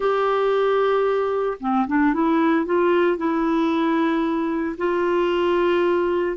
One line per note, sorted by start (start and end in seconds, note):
0.00 1.57 G4
1.60 1.86 C4
1.87 2.13 D4
2.13 2.65 E4
2.65 3.17 F4
3.17 4.76 E4
4.77 6.37 F4